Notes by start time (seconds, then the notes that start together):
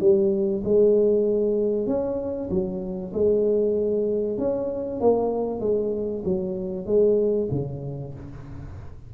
0.00 G3
0.64 G#3
1.87 C#4
2.50 F#3
3.13 G#3
4.38 C#4
5.01 A#3
5.60 G#3
6.24 F#3
6.86 G#3
7.51 C#3